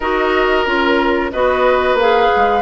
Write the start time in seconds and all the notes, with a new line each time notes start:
0.00 D#4 F#4 A#4 D#5
0.65 C#4 F4 A#4
1.31 B3 F#4 B4 D#5
1.94 A#3 G#4 F5
2.36 G#3